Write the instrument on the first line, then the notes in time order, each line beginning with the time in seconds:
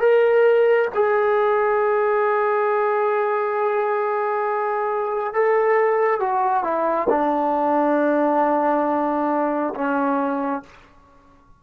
trombone
0.00 A#4
0.94 G#4
5.33 A4
6.20 F#4
6.63 E4
7.09 D4
9.74 C#4